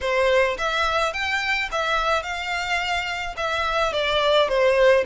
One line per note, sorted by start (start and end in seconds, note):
0.01 0.57 C5
0.58 1.13 E5
1.13 1.69 G5
1.71 2.23 E5
2.23 3.35 F5
3.36 3.92 E5
3.92 4.48 D5
4.48 5.04 C5